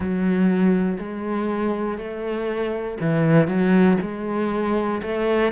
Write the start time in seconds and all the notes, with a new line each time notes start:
0.00 F#3
0.99 G#3
1.98 A3
3.00 E3
3.47 F#3
4.01 G#3
5.02 A3